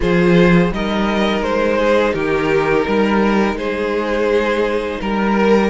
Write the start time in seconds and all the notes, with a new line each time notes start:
0.00 F3 F4 G#4 C5
0.71 G3 D#4 A#4 D#5
1.41 G#3 C5
1.78 G#4
2.13 D#3 G4 A#4
2.88 G3 A#4
3.54 G#3 G#4 C5
5.00 G3 A#4